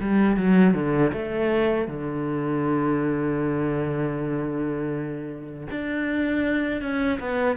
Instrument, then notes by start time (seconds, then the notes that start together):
cello
0.00 G3
0.36 F#3
0.74 D3
1.13 A3
1.87 D3
5.71 D4
6.81 C#4
7.20 B3